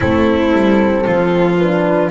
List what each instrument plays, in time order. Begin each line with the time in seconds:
0.00 double bass A3, horn C4, violin E4, flute A4
0.52 double bass G3
1.05 double bass F3, violin F4
1.57 horn D4, flute B4